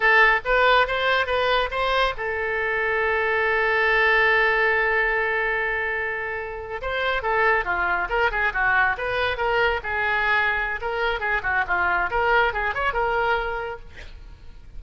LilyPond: \new Staff \with { instrumentName = "oboe" } { \time 4/4 \tempo 4 = 139 a'4 b'4 c''4 b'4 | c''4 a'2.~ | a'1~ | a'2.~ a'8. c''16~ |
c''8. a'4 f'4 ais'8 gis'8 fis'16~ | fis'8. b'4 ais'4 gis'4~ gis'16~ | gis'4 ais'4 gis'8 fis'8 f'4 | ais'4 gis'8 cis''8 ais'2 | }